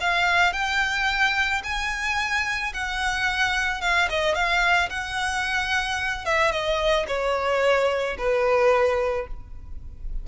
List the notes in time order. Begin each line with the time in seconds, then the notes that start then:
0.00 F5
0.53 G5
1.63 G#5
2.73 F#5
3.81 F5
4.09 D#5
4.34 F5
4.89 F#5
6.25 E5
6.51 D#5
7.07 C#5
8.18 B4